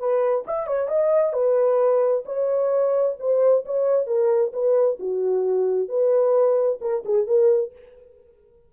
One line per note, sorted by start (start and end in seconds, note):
0.00 0.45 B4
0.47 0.67 E5
0.67 0.89 C#5
0.89 1.33 D#5
1.33 2.24 B4
2.26 3.17 C#5
3.20 3.65 C5
3.66 4.07 C#5
4.07 4.52 A#4
4.53 4.99 B4
5.00 5.89 F#4
5.89 6.80 B4
6.81 7.04 A#4
7.05 7.27 G#4
7.27 7.73 A#4